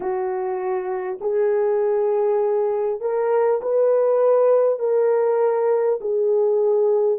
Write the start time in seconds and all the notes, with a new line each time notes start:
0.00 F#4
1.21 G#4
3.01 A#4
3.62 B4
4.79 A#4
6.00 G#4